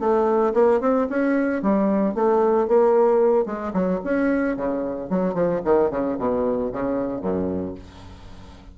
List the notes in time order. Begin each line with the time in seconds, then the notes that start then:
0.00 A3
0.54 A#3
0.81 C4
1.10 C#4
1.62 G3
2.15 A3
2.68 A#3
3.46 G#3
3.74 F#3
4.04 C#4
4.57 C#3
5.10 F#3
5.34 F3
5.65 D#3
5.91 C#3
6.19 B2
6.73 C#3
7.22 F#2